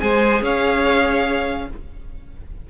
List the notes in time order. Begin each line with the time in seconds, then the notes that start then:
0.00 G#3 G#4 C5 G#5
0.42 C#4 C#5 F5